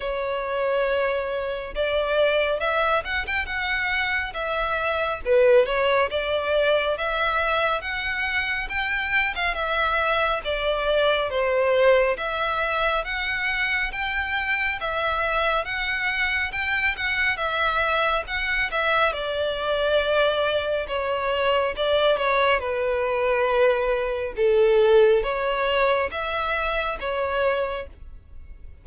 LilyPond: \new Staff \with { instrumentName = "violin" } { \time 4/4 \tempo 4 = 69 cis''2 d''4 e''8 fis''16 g''16 | fis''4 e''4 b'8 cis''8 d''4 | e''4 fis''4 g''8. f''16 e''4 | d''4 c''4 e''4 fis''4 |
g''4 e''4 fis''4 g''8 fis''8 | e''4 fis''8 e''8 d''2 | cis''4 d''8 cis''8 b'2 | a'4 cis''4 e''4 cis''4 | }